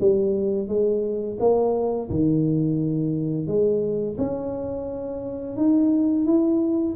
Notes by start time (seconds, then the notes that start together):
0.00 G3
0.68 G#3
1.39 A#3
2.09 D#3
3.47 G#3
4.18 C#4
5.56 D#4
6.25 E4